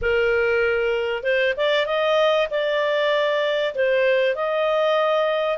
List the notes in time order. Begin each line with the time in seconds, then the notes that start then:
0.01 A#4
1.23 C5
1.56 D5
1.86 D#5
2.50 D5
3.75 C5
4.35 D#5